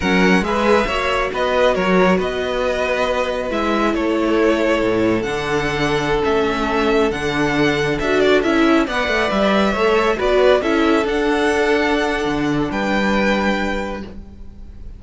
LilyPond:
<<
  \new Staff \with { instrumentName = "violin" } { \time 4/4 \tempo 4 = 137 fis''4 e''2 dis''4 | cis''4 dis''2. | e''4 cis''2. | fis''2~ fis''16 e''4.~ e''16~ |
e''16 fis''2 e''8 d''8 e''8.~ | e''16 fis''4 e''2 d''8.~ | d''16 e''4 fis''2~ fis''8.~ | fis''4 g''2. | }
  \new Staff \with { instrumentName = "violin" } { \time 4/4 ais'4 b'4 cis''4 b'4 | ais'4 b'2.~ | b'4 a'2.~ | a'1~ |
a'1~ | a'16 d''2 cis''4 b'8.~ | b'16 a'2.~ a'8.~ | a'4 b'2. | }
  \new Staff \with { instrumentName = "viola" } { \time 4/4 cis'4 gis'4 fis'2~ | fis'1 | e'1 | d'2~ d'16 cis'4.~ cis'16~ |
cis'16 d'2 fis'4 e'8.~ | e'16 b'2 a'4 fis'8.~ | fis'16 e'4 d'2~ d'8.~ | d'1 | }
  \new Staff \with { instrumentName = "cello" } { \time 4/4 fis4 gis4 ais4 b4 | fis4 b2. | gis4 a2 a,4 | d2~ d16 a4.~ a16~ |
a16 d2 d'4 cis'8.~ | cis'16 b8 a8 g4 a4 b8.~ | b16 cis'4 d'2~ d'8. | d4 g2. | }
>>